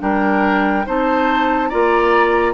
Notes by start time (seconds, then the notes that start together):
0.00 G3 D4 A#4 G5
0.86 C4 D#4 C5 A5
1.69 A#3 F4 D5 A#5